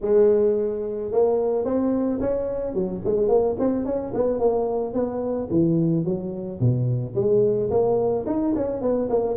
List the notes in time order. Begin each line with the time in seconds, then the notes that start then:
0.01 G#3
1.11 A#3
1.64 C4
2.20 C#4
2.74 F#3
3.04 G#3
3.28 A#3
3.59 C4
3.85 C#4
4.14 B3
4.39 A#3
4.93 B3
5.50 E3
6.04 F#3
6.59 B2
7.15 G#3
7.70 A#3
8.26 D#4
8.55 C#4
8.81 B3
9.09 A#3